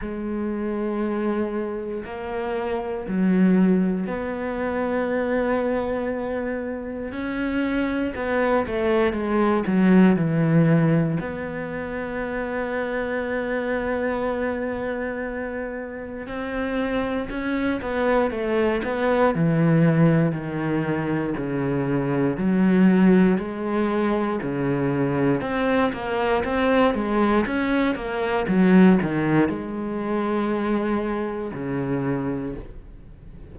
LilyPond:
\new Staff \with { instrumentName = "cello" } { \time 4/4 \tempo 4 = 59 gis2 ais4 fis4 | b2. cis'4 | b8 a8 gis8 fis8 e4 b4~ | b1 |
c'4 cis'8 b8 a8 b8 e4 | dis4 cis4 fis4 gis4 | cis4 c'8 ais8 c'8 gis8 cis'8 ais8 | fis8 dis8 gis2 cis4 | }